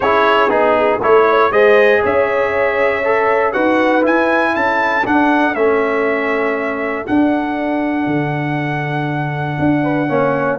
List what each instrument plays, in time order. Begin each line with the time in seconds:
0.00 tuba C#4, trombone E4, horn G#4, trumpet C#5
0.48 tuba B3, trombone D#4, trumpet G#4
1.01 tuba A3, trombone E4, horn A4, trumpet C#5
1.28 horn C#5
1.50 tuba G#3, trombone G#4, horn C5, trumpet D#5
2.02 tuba C#4, horn C#5, trumpet E5
3.04 trombone A4
3.52 tuba D#4, trombone F#4, horn B4, trumpet F#5
4.02 trombone E4, tuba E4, trumpet G#5
4.53 tuba C#4, horn A4, trumpet A5
5.04 trombone D4, tuba D4, trumpet F#5
5.54 tuba A3, trombone C#4, trumpet E5
7.06 trombone D4, tuba D4, trumpet F#5
8.06 tuba D3
9.59 tuba D4
9.82 horn B4
10.08 tuba A#3, trombone C#4, horn C#5